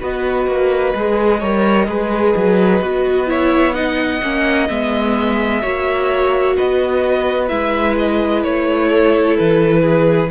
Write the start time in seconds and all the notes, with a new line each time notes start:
0.00 B3 F#4 B4 D#5
0.46 A#3
0.95 G#3 G#4
1.40 G3 A#4 C#5
1.87 G#3 G#4 B4
2.36 F#3
2.80 B3 F#4
3.26 E4 C#5 E5
3.73 D#4 D#5 F#5
4.22 A#3 C#4
4.68 G#3 B3 E5
5.62 A#3 F#4 C#5
6.56 B3 B4 D#5
7.48 G#3 E4 E5
7.98 D#5
8.43 A3 C#5
8.89 A4
9.37 E3 B4
9.82 G#4